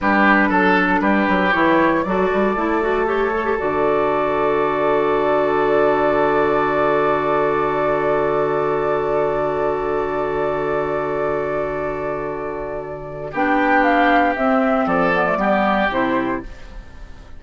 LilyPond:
<<
  \new Staff \with { instrumentName = "flute" } { \time 4/4 \tempo 4 = 117 b'4 a'4 b'4 cis''4 | d''2 cis''4 d''4~ | d''1~ | d''1~ |
d''1~ | d''1~ | d''2 g''4 f''4 | e''4 d''2 c''4 | }
  \new Staff \with { instrumentName = "oboe" } { \time 4/4 g'4 a'4 g'2 | a'1~ | a'1~ | a'1~ |
a'1~ | a'1~ | a'2 g'2~ | g'4 a'4 g'2 | }
  \new Staff \with { instrumentName = "clarinet" } { \time 4/4 d'2. e'4 | fis'4 e'8 fis'8 g'8 a'16 g'16 fis'4~ | fis'1~ | fis'1~ |
fis'1~ | fis'1~ | fis'2 d'2 | c'4. b16 a16 b4 e'4 | }
  \new Staff \with { instrumentName = "bassoon" } { \time 4/4 g4 fis4 g8 fis8 e4 | fis8 g8 a2 d4~ | d1~ | d1~ |
d1~ | d1~ | d2 b2 | c'4 f4 g4 c4 | }
>>